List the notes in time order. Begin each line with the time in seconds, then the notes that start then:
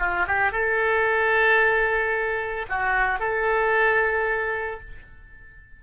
0.00 F4
0.27 G4
0.52 A4
2.69 F#4
3.20 A4